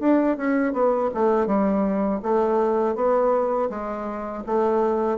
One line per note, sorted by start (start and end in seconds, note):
0.00 0.37 D4
0.37 0.73 C#4
0.73 1.10 B3
1.14 1.47 A3
1.47 2.21 G3
2.23 2.96 A3
2.96 3.70 B3
3.70 4.44 G#3
4.46 5.19 A3